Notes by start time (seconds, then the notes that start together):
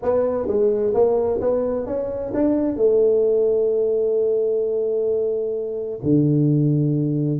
0.02 B3
0.47 G#3
0.93 A#3
1.41 B3
1.86 C#4
2.34 D4
2.76 A3
6.02 D3